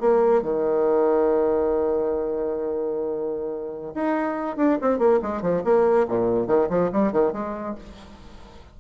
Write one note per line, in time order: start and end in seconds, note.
0.00 0.42 A#3
0.42 3.93 D#3
3.94 4.57 D#4
4.57 4.78 D4
4.81 4.98 C4
4.98 5.20 A#3
5.22 5.42 G#3
5.42 5.63 F3
5.64 6.07 A#3
6.08 6.47 A#2
6.47 6.68 D#3
6.69 6.91 F3
6.92 7.12 G3
7.12 7.32 D#3
7.32 7.75 G#3